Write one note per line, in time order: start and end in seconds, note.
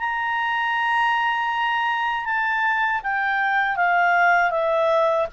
0.00 2.26 A#5
2.26 3.02 A5
3.04 3.77 G5
3.77 4.51 F5
4.51 5.27 E5